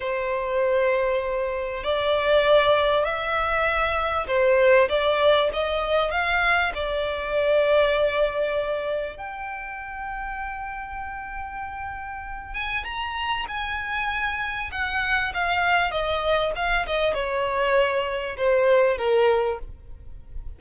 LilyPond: \new Staff \with { instrumentName = "violin" } { \time 4/4 \tempo 4 = 98 c''2. d''4~ | d''4 e''2 c''4 | d''4 dis''4 f''4 d''4~ | d''2. g''4~ |
g''1~ | g''8 gis''8 ais''4 gis''2 | fis''4 f''4 dis''4 f''8 dis''8 | cis''2 c''4 ais'4 | }